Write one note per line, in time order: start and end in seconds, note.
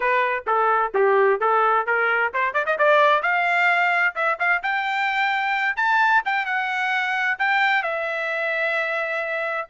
0.00 0.44 B4
0.46 0.92 A4
0.94 1.40 G4
1.40 1.86 A4
1.86 2.32 A#4
2.33 2.53 C5
2.53 2.65 D5
2.66 2.77 D#5
2.78 3.22 D5
3.22 4.14 F5
4.15 4.38 E5
4.39 4.62 F5
4.62 5.76 G5
5.76 6.22 A5
6.25 6.45 G5
6.45 7.38 F#5
7.38 7.83 G5
7.83 9.67 E5